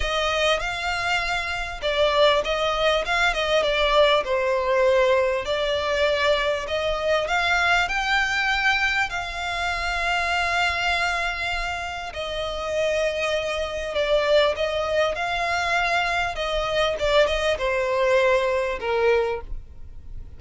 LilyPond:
\new Staff \with { instrumentName = "violin" } { \time 4/4 \tempo 4 = 99 dis''4 f''2 d''4 | dis''4 f''8 dis''8 d''4 c''4~ | c''4 d''2 dis''4 | f''4 g''2 f''4~ |
f''1 | dis''2. d''4 | dis''4 f''2 dis''4 | d''8 dis''8 c''2 ais'4 | }